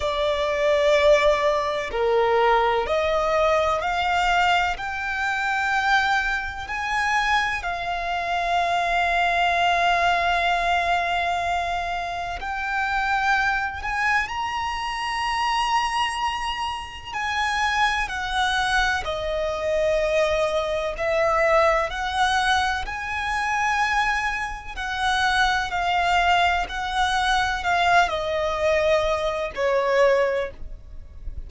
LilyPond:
\new Staff \with { instrumentName = "violin" } { \time 4/4 \tempo 4 = 63 d''2 ais'4 dis''4 | f''4 g''2 gis''4 | f''1~ | f''4 g''4. gis''8 ais''4~ |
ais''2 gis''4 fis''4 | dis''2 e''4 fis''4 | gis''2 fis''4 f''4 | fis''4 f''8 dis''4. cis''4 | }